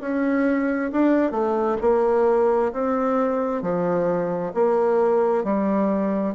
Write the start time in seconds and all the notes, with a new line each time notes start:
0.00 C#4
0.92 D4
1.31 A3
1.81 A#3
2.72 C4
3.62 F3
4.54 A#3
5.44 G3